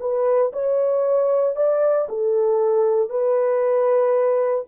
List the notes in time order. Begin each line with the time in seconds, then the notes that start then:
0.00 B4
0.53 C#5
1.56 D5
2.09 A4
3.10 B4